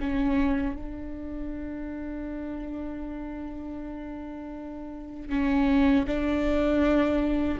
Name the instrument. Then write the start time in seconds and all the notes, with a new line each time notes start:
viola
0.00 C#4
0.75 D4
5.29 C#4
6.07 D4